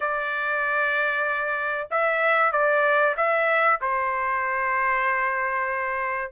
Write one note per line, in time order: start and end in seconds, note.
0.00 1.87 D5
1.91 2.52 E5
2.52 3.15 D5
3.16 3.80 E5
3.81 6.32 C5